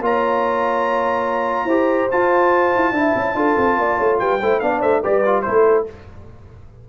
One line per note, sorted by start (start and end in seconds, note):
0.00 1.64 A#3
0.00 1.68 F4
0.00 1.65 C#5
0.00 2.11 A#5
1.64 2.06 E4
1.64 2.10 G4
1.64 2.90 C5
2.11 2.93 F4
2.11 2.75 F4
2.11 4.19 A5
2.76 2.92 E4
2.92 3.13 D4
2.92 3.35 E4
2.98 3.36 E5
3.15 3.34 C#4
3.34 3.55 D4
3.34 4.39 F4
3.34 3.78 A4
3.57 3.77 C4
3.77 3.98 A#3
3.77 3.97 D5
3.97 4.20 A3
3.97 4.18 C#5
4.19 4.41 G3
4.19 4.40 B4
4.19 4.59 G5
4.40 4.61 A3
4.40 4.61 E4
4.40 4.61 C5
4.59 4.82 B3
4.59 5.03 D4
4.59 4.80 D5
4.59 4.80 F5
4.80 5.03 A3
4.80 5.01 C5
4.80 5.02 E5
5.02 5.47 G3
5.02 5.24 G4
5.02 5.44 B4
5.02 5.42 D5
5.25 5.44 F4
5.42 5.89 A3
5.42 5.86 E4
5.42 5.87 A4
5.42 5.83 C5